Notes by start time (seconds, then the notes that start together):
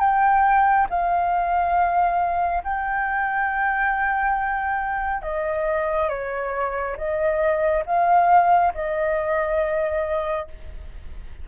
0.00 G5
0.89 F5
2.64 G5
5.22 D#5
6.09 C#5
6.97 D#5
7.86 F5
8.74 D#5